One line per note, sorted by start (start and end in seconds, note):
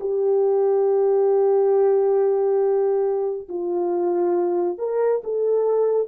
0.00 3.48 G4
3.48 4.78 F4
4.78 5.22 A#4
5.24 6.08 A4